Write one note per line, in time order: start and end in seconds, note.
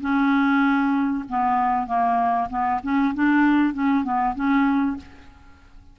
0.00 1.24 C#4
1.29 1.86 B3
1.86 2.48 A#3
2.49 2.80 B3
2.83 3.14 C#4
3.14 3.73 D4
3.73 4.03 C#4
4.03 4.34 B3
4.35 4.97 C#4